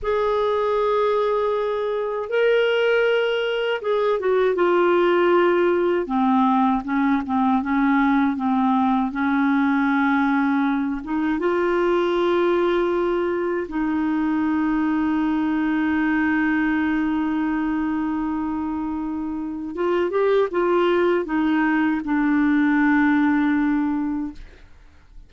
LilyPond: \new Staff \with { instrumentName = "clarinet" } { \time 4/4 \tempo 4 = 79 gis'2. ais'4~ | ais'4 gis'8 fis'8 f'2 | c'4 cis'8 c'8 cis'4 c'4 | cis'2~ cis'8 dis'8 f'4~ |
f'2 dis'2~ | dis'1~ | dis'2 f'8 g'8 f'4 | dis'4 d'2. | }